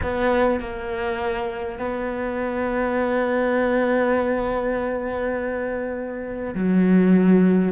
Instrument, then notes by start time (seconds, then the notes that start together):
cello
0.02 B3
0.60 A#3
1.78 B3
6.55 F#3